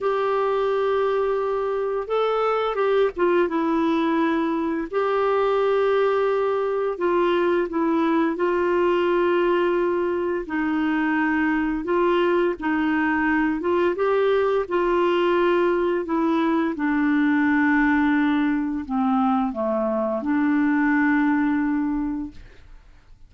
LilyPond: \new Staff \with { instrumentName = "clarinet" } { \time 4/4 \tempo 4 = 86 g'2. a'4 | g'8 f'8 e'2 g'4~ | g'2 f'4 e'4 | f'2. dis'4~ |
dis'4 f'4 dis'4. f'8 | g'4 f'2 e'4 | d'2. c'4 | a4 d'2. | }